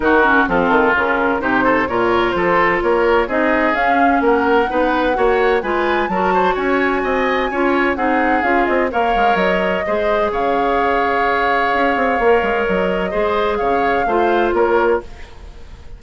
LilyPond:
<<
  \new Staff \with { instrumentName = "flute" } { \time 4/4 \tempo 4 = 128 ais'4 a'4 ais'4 c''4 | cis''4 c''4 cis''4 dis''4 | f''4 fis''2. | gis''4 a''4 gis''2~ |
gis''4 fis''4 f''8 dis''8 f''4 | dis''2 f''2~ | f''2. dis''4~ | dis''4 f''2 cis''4 | }
  \new Staff \with { instrumentName = "oboe" } { \time 4/4 fis'4 f'2 g'8 a'8 | ais'4 a'4 ais'4 gis'4~ | gis'4 ais'4 b'4 cis''4 | b'4 ais'8 c''8 cis''4 dis''4 |
cis''4 gis'2 cis''4~ | cis''4 c''4 cis''2~ | cis''1 | c''4 cis''4 c''4 ais'4 | }
  \new Staff \with { instrumentName = "clarinet" } { \time 4/4 dis'8 cis'8 c'4 cis'4 dis'4 | f'2. dis'4 | cis'2 dis'4 fis'4 | f'4 fis'2. |
f'4 dis'4 f'4 ais'4~ | ais'4 gis'2.~ | gis'2 ais'2 | gis'2 f'2 | }
  \new Staff \with { instrumentName = "bassoon" } { \time 4/4 dis4 f8 dis8 cis4 c4 | ais,4 f4 ais4 c'4 | cis'4 ais4 b4 ais4 | gis4 fis4 cis'4 c'4 |
cis'4 c'4 cis'8 c'8 ais8 gis8 | fis4 gis4 cis2~ | cis4 cis'8 c'8 ais8 gis8 fis4 | gis4 cis4 a4 ais4 | }
>>